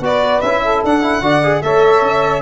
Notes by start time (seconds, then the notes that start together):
0.00 B3 F#4 B4 D5
0.41 C#4 E4 E5
0.62 A4
0.84 D4 F#5
1.02 E4
1.21 D3 F#4 D5
1.43 G#4
1.62 A3 A4 C#5 E5
2.01 C#4